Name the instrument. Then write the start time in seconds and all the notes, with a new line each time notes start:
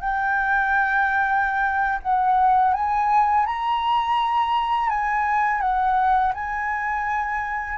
flute
0.00 G5
2.02 F#5
2.73 G#5
3.46 A#5
4.89 G#5
5.60 F#5
6.34 G#5